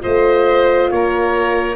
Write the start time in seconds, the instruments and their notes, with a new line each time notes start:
0.00 tuba A3, horn F4, violin C5, oboe D#5
0.90 tuba A#3, violin A#4, oboe C#5